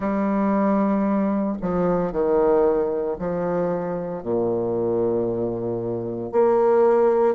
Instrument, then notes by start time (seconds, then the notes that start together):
bassoon
0.00 G3
1.61 F3
2.11 D#3
3.18 F3
4.22 A#2
6.32 A#3